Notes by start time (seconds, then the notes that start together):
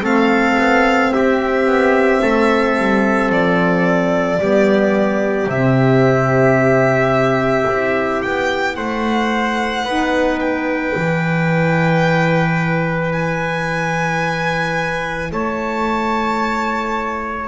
0.00 A3 C4 A4 F5
0.58 B3
1.13 C4 G4 E5
1.66 B3
2.22 A3 A4
2.77 G3
3.29 F3 D5
4.39 G3 B3 G4
5.47 C3 C4 E5
7.69 C4 E4
8.22 B3 G5
8.75 A3 C5 F#5
9.85 B3 D#4 B4
10.40 G5
10.94 E3 E4
13.12 G#5
15.31 A3 C#5 A5